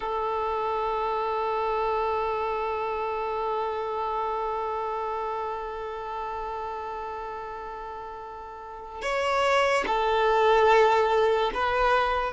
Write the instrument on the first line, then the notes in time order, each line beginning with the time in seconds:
violin
0.00 A4
9.02 C#5
9.86 A4
11.53 B4